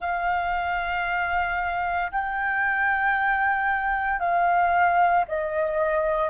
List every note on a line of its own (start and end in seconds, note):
0.00 2.11 F5
2.11 4.19 G5
4.19 5.24 F5
5.27 6.30 D#5